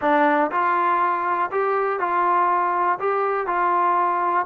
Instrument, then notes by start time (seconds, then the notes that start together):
trombone
0.01 D4
0.51 F4
1.51 G4
1.99 F4
2.99 G4
3.46 F4